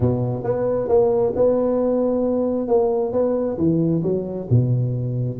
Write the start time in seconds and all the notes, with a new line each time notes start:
0.00 B2
0.43 B3
0.88 A#3
1.35 B3
2.67 A#3
3.12 B3
3.57 E3
4.03 F#3
4.50 B2